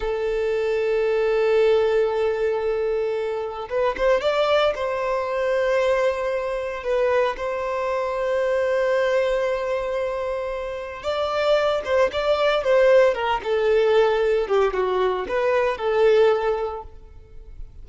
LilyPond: \new Staff \with { instrumentName = "violin" } { \time 4/4 \tempo 4 = 114 a'1~ | a'2. b'8 c''8 | d''4 c''2.~ | c''4 b'4 c''2~ |
c''1~ | c''4 d''4. c''8 d''4 | c''4 ais'8 a'2 g'8 | fis'4 b'4 a'2 | }